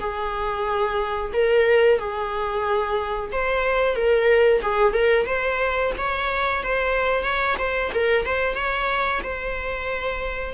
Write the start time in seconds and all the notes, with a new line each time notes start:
0.00 G#4
1.33 A#4
1.99 G#4
3.32 C5
3.96 A#4
4.62 G#4
4.93 A#4
5.26 C5
5.98 C#5
6.63 C5
7.23 C#5
7.58 C5
7.94 A#4
8.26 C5
8.55 C#5
9.23 C5